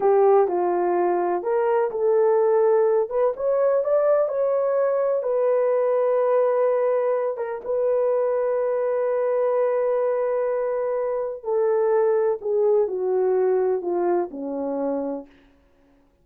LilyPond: \new Staff \with { instrumentName = "horn" } { \time 4/4 \tempo 4 = 126 g'4 f'2 ais'4 | a'2~ a'8 b'8 cis''4 | d''4 cis''2 b'4~ | b'2.~ b'8 ais'8 |
b'1~ | b'1 | a'2 gis'4 fis'4~ | fis'4 f'4 cis'2 | }